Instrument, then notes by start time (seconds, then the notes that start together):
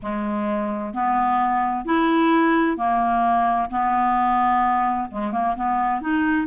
clarinet
0.02 G#3
0.93 B3
1.85 E4
2.77 A#3
3.70 B3
5.10 G#3
5.32 A#3
5.56 B3
6.01 D#4